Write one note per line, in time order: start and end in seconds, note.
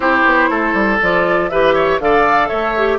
0.00 0.23 C4
0.00 0.99 E4
0.00 0.49 G4
0.00 0.99 C5
0.25 0.49 B3
0.49 0.73 A3
0.49 1.50 A4
0.73 0.98 G3
1.01 1.51 F3
1.01 1.51 F4
1.01 1.49 D5
1.49 1.99 E3
1.49 2.00 G4
1.49 1.74 B4
1.49 1.99 E5
1.74 1.99 C#5
1.99 2.49 D3
1.99 2.75 A4
1.99 2.48 D5
1.99 2.48 F5
2.48 2.98 A3
2.48 2.98 C#5
2.48 2.98 E5
2.76 2.98 G4